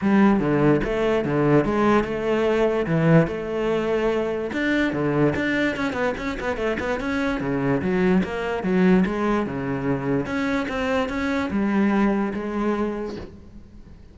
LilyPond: \new Staff \with { instrumentName = "cello" } { \time 4/4 \tempo 4 = 146 g4 d4 a4 d4 | gis4 a2 e4 | a2. d'4 | d4 d'4 cis'8 b8 cis'8 b8 |
a8 b8 cis'4 cis4 fis4 | ais4 fis4 gis4 cis4~ | cis4 cis'4 c'4 cis'4 | g2 gis2 | }